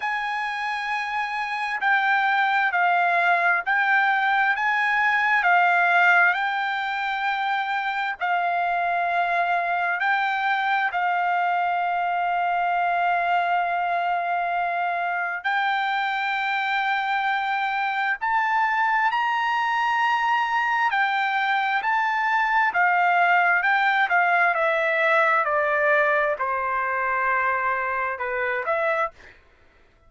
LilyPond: \new Staff \with { instrumentName = "trumpet" } { \time 4/4 \tempo 4 = 66 gis''2 g''4 f''4 | g''4 gis''4 f''4 g''4~ | g''4 f''2 g''4 | f''1~ |
f''4 g''2. | a''4 ais''2 g''4 | a''4 f''4 g''8 f''8 e''4 | d''4 c''2 b'8 e''8 | }